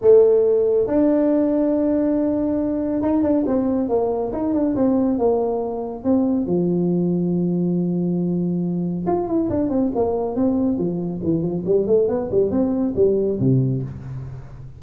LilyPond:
\new Staff \with { instrumentName = "tuba" } { \time 4/4 \tempo 4 = 139 a2 d'2~ | d'2. dis'8 d'8 | c'4 ais4 dis'8 d'8 c'4 | ais2 c'4 f4~ |
f1~ | f4 f'8 e'8 d'8 c'8 ais4 | c'4 f4 e8 f8 g8 a8 | b8 g8 c'4 g4 c4 | }